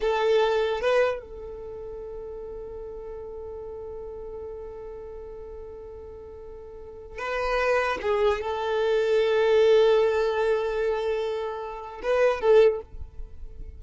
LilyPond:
\new Staff \with { instrumentName = "violin" } { \time 4/4 \tempo 4 = 150 a'2 b'4 a'4~ | a'1~ | a'1~ | a'1~ |
a'2 b'2 | gis'4 a'2.~ | a'1~ | a'2 b'4 a'4 | }